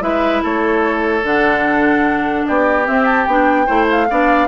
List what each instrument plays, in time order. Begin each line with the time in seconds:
0.00 bassoon G#3, clarinet E4, oboe B4, flute E5
0.42 bassoon A3, oboe A4, flute C#5
1.23 bassoon D3, clarinet D4, flute F#5
2.46 bassoon B3, oboe G4, flute D5
2.84 clarinet C4, bassoon C4, flute E5
3.05 flute A5
3.25 bassoon B3, clarinet D4, flute G5
3.66 bassoon A3, clarinet E4, oboe C5
3.90 flute F5
4.10 bassoon B3, clarinet D4, oboe D5